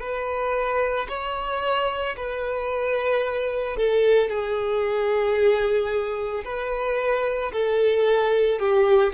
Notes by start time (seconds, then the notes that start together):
0.00 B4
1.09 C#5
2.16 B4
3.76 A4
4.29 G#4
6.44 B4
7.52 A4
8.59 G4